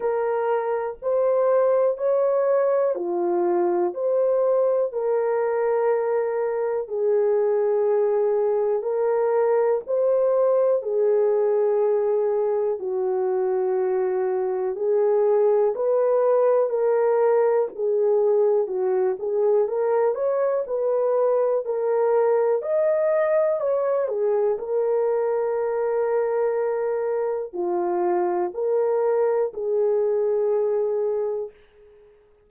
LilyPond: \new Staff \with { instrumentName = "horn" } { \time 4/4 \tempo 4 = 61 ais'4 c''4 cis''4 f'4 | c''4 ais'2 gis'4~ | gis'4 ais'4 c''4 gis'4~ | gis'4 fis'2 gis'4 |
b'4 ais'4 gis'4 fis'8 gis'8 | ais'8 cis''8 b'4 ais'4 dis''4 | cis''8 gis'8 ais'2. | f'4 ais'4 gis'2 | }